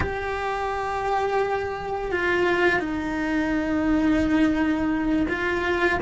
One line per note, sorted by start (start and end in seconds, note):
0.00 2.11 G4
2.11 2.79 F4
2.79 5.26 D#4
5.28 5.99 F4